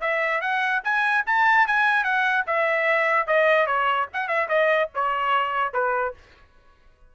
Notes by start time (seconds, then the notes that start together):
0.00 E5
0.41 F#5
0.84 G#5
1.26 A5
1.66 G#5
2.03 F#5
2.46 E5
3.27 D#5
3.66 C#5
4.13 F#5
4.28 E5
4.48 D#5
4.94 C#5
5.73 B4